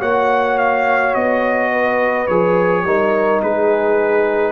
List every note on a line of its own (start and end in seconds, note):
0.00 1.14 A#3
0.00 2.27 F#4
0.00 1.70 C#5
0.00 0.58 F#5
0.58 1.14 F5
1.14 2.28 B3
1.14 2.27 D#5
1.70 2.83 B4
2.27 2.84 F3
2.27 2.86 G#4
2.27 3.40 C#5
2.84 3.41 G3
2.84 4.52 D#4
2.84 3.42 A#4
3.42 4.52 G#3
3.42 4.52 G#4
3.42 4.52 B4